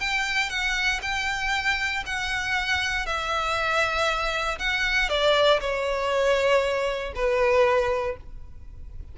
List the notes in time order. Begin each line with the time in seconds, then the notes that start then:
0.00 G5
0.49 F#5
1.02 G5
2.06 F#5
3.06 E5
4.59 F#5
5.09 D5
5.60 C#5
7.15 B4